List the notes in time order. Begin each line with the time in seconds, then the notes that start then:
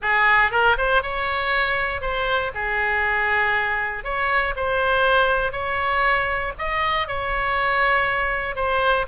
0.02 G#4
0.51 A#4
0.77 C5
1.02 C#5
2.01 C5
2.54 G#4
4.03 C#5
4.56 C5
5.52 C#5
6.58 D#5
7.07 C#5
8.55 C5